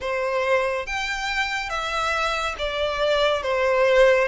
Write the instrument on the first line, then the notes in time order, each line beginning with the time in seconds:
violin
0.00 C5
0.86 G5
1.69 E5
2.58 D5
3.42 C5